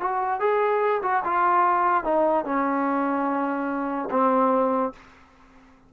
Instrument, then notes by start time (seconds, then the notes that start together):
trombone
0.00 F#4
0.40 G#4
1.02 F#4
1.24 F4
2.04 D#4
2.45 C#4
4.10 C4